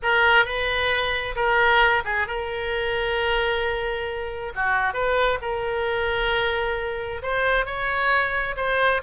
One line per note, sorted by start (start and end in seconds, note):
0.02 0.45 A#4
0.45 1.35 B4
1.35 2.03 A#4
2.04 2.27 G#4
2.27 4.52 A#4
4.55 4.93 F#4
4.93 5.38 B4
5.41 7.22 A#4
7.22 7.65 C5
7.65 8.55 C#5
8.56 9.01 C5